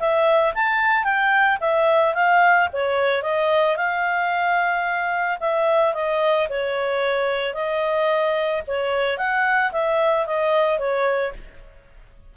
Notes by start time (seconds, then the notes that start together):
0.00 E5
0.55 A5
1.04 G5
1.61 E5
2.14 F5
2.73 C#5
3.23 D#5
3.76 F5
5.40 E5
5.94 D#5
6.49 C#5
7.54 D#5
8.68 C#5
9.18 F#5
9.72 E5
10.27 D#5
10.79 C#5